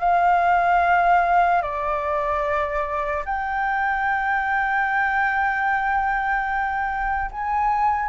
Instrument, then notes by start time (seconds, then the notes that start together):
flute
0.00 F5
1.62 D5
3.25 G5
7.32 G#5